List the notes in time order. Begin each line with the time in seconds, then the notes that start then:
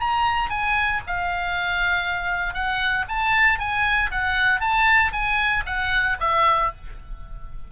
0.00 A#5
0.50 G#5
1.07 F5
2.54 F#5
3.08 A5
3.59 G#5
4.11 F#5
4.61 A5
5.12 G#5
5.66 F#5
6.20 E5